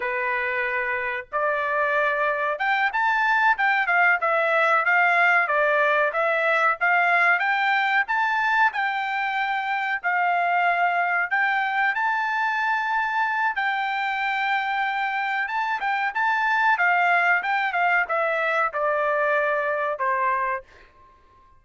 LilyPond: \new Staff \with { instrumentName = "trumpet" } { \time 4/4 \tempo 4 = 93 b'2 d''2 | g''8 a''4 g''8 f''8 e''4 f''8~ | f''8 d''4 e''4 f''4 g''8~ | g''8 a''4 g''2 f''8~ |
f''4. g''4 a''4.~ | a''4 g''2. | a''8 g''8 a''4 f''4 g''8 f''8 | e''4 d''2 c''4 | }